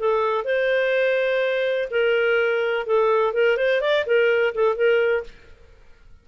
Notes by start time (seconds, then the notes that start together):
0.00 A4
0.45 C5
1.91 A#4
2.87 A4
3.34 A#4
3.58 C5
3.82 D5
4.06 A#4
4.55 A4
4.76 A#4